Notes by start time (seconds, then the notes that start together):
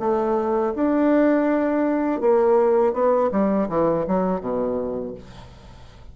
0.00 A3
0.76 D4
2.21 A#3
2.94 B3
3.32 G3
3.69 E3
4.08 F#3
4.41 B2